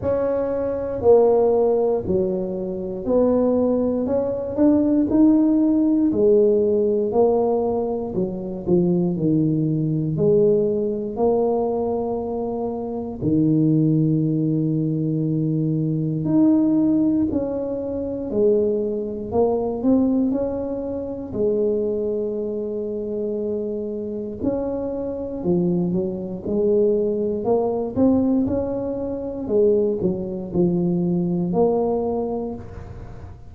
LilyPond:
\new Staff \with { instrumentName = "tuba" } { \time 4/4 \tempo 4 = 59 cis'4 ais4 fis4 b4 | cis'8 d'8 dis'4 gis4 ais4 | fis8 f8 dis4 gis4 ais4~ | ais4 dis2. |
dis'4 cis'4 gis4 ais8 c'8 | cis'4 gis2. | cis'4 f8 fis8 gis4 ais8 c'8 | cis'4 gis8 fis8 f4 ais4 | }